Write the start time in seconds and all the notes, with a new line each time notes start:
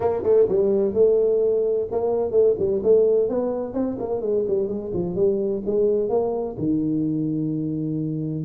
0.00 A#3
0.23 A3
0.49 G3
0.93 A3
1.91 A#3
2.31 A3
2.58 G3
2.83 A3
3.29 B3
3.73 C4
3.98 A#3
4.21 G#3
4.47 G3
4.67 G#3
4.93 F3
5.15 G3
5.65 G#3
6.09 A#3
6.58 D#3